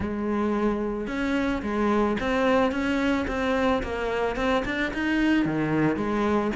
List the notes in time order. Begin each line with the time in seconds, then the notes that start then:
0.00 G#3
1.07 C#4
1.62 G#3
2.20 C4
2.71 C#4
3.27 C4
3.83 A#3
4.36 C4
4.65 D4
4.93 D#4
5.45 D#3
5.96 G#3